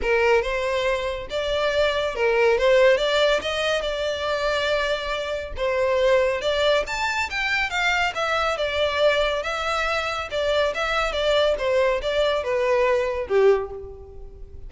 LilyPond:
\new Staff \with { instrumentName = "violin" } { \time 4/4 \tempo 4 = 140 ais'4 c''2 d''4~ | d''4 ais'4 c''4 d''4 | dis''4 d''2.~ | d''4 c''2 d''4 |
a''4 g''4 f''4 e''4 | d''2 e''2 | d''4 e''4 d''4 c''4 | d''4 b'2 g'4 | }